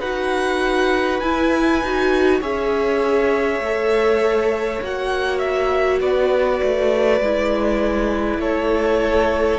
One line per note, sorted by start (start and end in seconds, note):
0.00 1.21 D#4
0.00 1.22 F#4
0.00 2.40 B4
0.00 1.20 F#5
1.20 1.81 E4
1.20 1.83 E4
1.20 2.40 G#5
1.81 2.42 D#4
1.81 2.42 F#4
2.41 3.60 C#4
2.41 3.62 G#4
2.41 6.00 C#5
2.41 4.83 E5
3.60 4.79 A3
3.60 4.82 A4
4.82 6.01 A#3
4.82 7.22 F#4
4.82 5.39 F#5
5.39 5.99 E5
6.00 6.61 B3
6.00 8.40 B4
6.00 8.40 D5
6.63 7.20 A3
7.20 8.38 G#3
7.20 9.59 E4
8.38 9.58 A3
8.38 9.59 A4
8.38 9.59 C#5